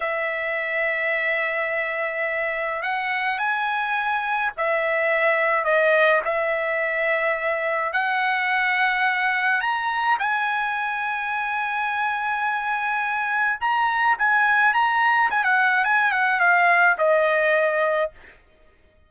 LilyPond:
\new Staff \with { instrumentName = "trumpet" } { \time 4/4 \tempo 4 = 106 e''1~ | e''4 fis''4 gis''2 | e''2 dis''4 e''4~ | e''2 fis''2~ |
fis''4 ais''4 gis''2~ | gis''1 | ais''4 gis''4 ais''4 gis''16 fis''8. | gis''8 fis''8 f''4 dis''2 | }